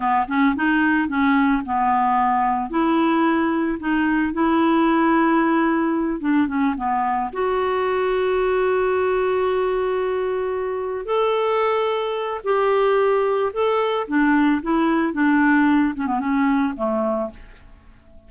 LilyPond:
\new Staff \with { instrumentName = "clarinet" } { \time 4/4 \tempo 4 = 111 b8 cis'8 dis'4 cis'4 b4~ | b4 e'2 dis'4 | e'2.~ e'8 d'8 | cis'8 b4 fis'2~ fis'8~ |
fis'1~ | fis'8 a'2~ a'8 g'4~ | g'4 a'4 d'4 e'4 | d'4. cis'16 b16 cis'4 a4 | }